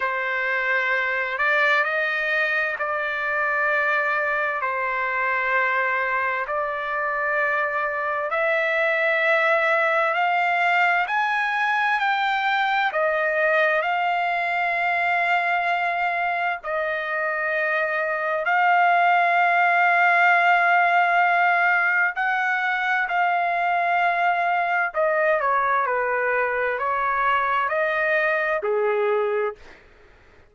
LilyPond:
\new Staff \with { instrumentName = "trumpet" } { \time 4/4 \tempo 4 = 65 c''4. d''8 dis''4 d''4~ | d''4 c''2 d''4~ | d''4 e''2 f''4 | gis''4 g''4 dis''4 f''4~ |
f''2 dis''2 | f''1 | fis''4 f''2 dis''8 cis''8 | b'4 cis''4 dis''4 gis'4 | }